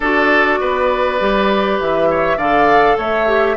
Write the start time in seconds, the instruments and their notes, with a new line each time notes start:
0.00 bassoon D4, clarinet F#4, oboe A4, flute D5
0.60 bassoon B3, oboe B4
1.19 bassoon G3, clarinet G4
1.80 bassoon E3, flute E5
2.10 oboe C#5
2.36 bassoon D3, clarinet A4, oboe D5, flute F5
2.97 bassoon A3, oboe C#5, flute E5
3.26 clarinet G4